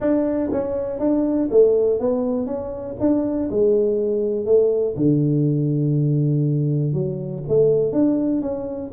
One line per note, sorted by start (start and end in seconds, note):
0.00 0.50 D4
0.52 0.99 C#4
0.99 1.49 D4
1.50 1.99 A3
1.99 2.46 B3
2.46 2.95 C#4
3.00 3.49 D4
3.50 4.45 G#3
4.45 4.95 A3
4.96 6.93 D3
6.93 7.42 F#3
7.48 7.92 A3
7.92 8.41 D4
8.41 8.91 C#4